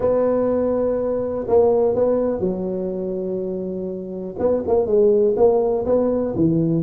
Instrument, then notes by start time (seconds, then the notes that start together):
tuba
0.00 B3
1.47 A#3
1.94 B3
2.40 F#3
4.38 B3
4.67 A#3
4.86 G#3
5.36 A#3
5.85 B3
6.35 E3